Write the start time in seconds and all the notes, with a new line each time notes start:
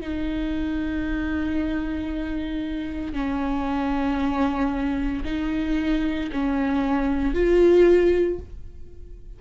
0.00 D#4
3.13 C#4
5.24 D#4
6.32 C#4
7.34 F4